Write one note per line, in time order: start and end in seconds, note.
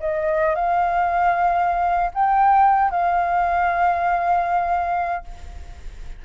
0.00 0.55 D#5
0.55 2.11 F5
2.14 2.91 G5
2.91 5.25 F5